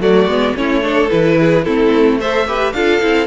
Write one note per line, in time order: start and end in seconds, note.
0.00 0.25 F#3
0.00 0.28 A3
0.00 0.55 F#4
0.00 0.56 D5
0.25 0.52 G#3
0.25 0.55 B3
0.55 1.10 A3
0.55 0.81 C#4
0.55 0.84 E4
0.55 1.09 C#5
0.81 1.08 D4
0.81 1.38 A4
1.09 1.66 E3
1.09 1.65 E4
1.09 1.64 B4
1.39 1.65 G#4
1.64 2.72 A3
1.64 2.20 C4
1.64 2.19 E4
1.64 2.18 A4
2.19 2.47 A4
2.19 2.46 C5
2.19 2.73 E5
2.47 2.74 G4
2.47 2.74 B4
2.72 3.00 D4
2.72 3.01 F4
2.72 3.27 A4
2.72 3.27 F5
3.01 3.27 C4
3.01 3.27 E4